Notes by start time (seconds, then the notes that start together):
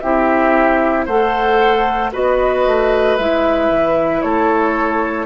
0.00 C4 E4 G4 E5
1.06 A3 A4 C5 F#5
2.12 B3 F#4 B4 D#5
2.66 A3
3.17 G#3 E4 E5
3.70 E3
4.22 A3 A4 C#5